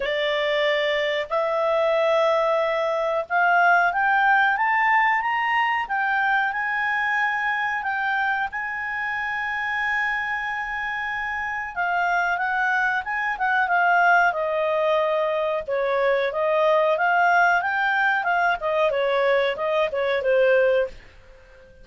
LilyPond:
\new Staff \with { instrumentName = "clarinet" } { \time 4/4 \tempo 4 = 92 d''2 e''2~ | e''4 f''4 g''4 a''4 | ais''4 g''4 gis''2 | g''4 gis''2.~ |
gis''2 f''4 fis''4 | gis''8 fis''8 f''4 dis''2 | cis''4 dis''4 f''4 g''4 | f''8 dis''8 cis''4 dis''8 cis''8 c''4 | }